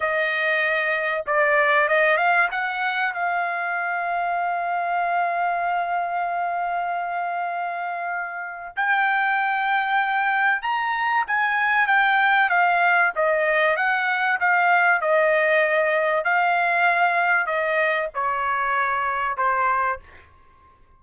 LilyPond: \new Staff \with { instrumentName = "trumpet" } { \time 4/4 \tempo 4 = 96 dis''2 d''4 dis''8 f''8 | fis''4 f''2.~ | f''1~ | f''2 g''2~ |
g''4 ais''4 gis''4 g''4 | f''4 dis''4 fis''4 f''4 | dis''2 f''2 | dis''4 cis''2 c''4 | }